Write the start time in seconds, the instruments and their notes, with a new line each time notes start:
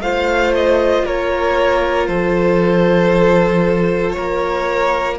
0.00 cello A3, viola F4, violin C5 F5
0.55 violin D#5
1.06 cello A#3, violin A#4 C#5
2.07 cello F3, violin A4 C5
4.12 violin A#4 C#5
4.18 cello A#3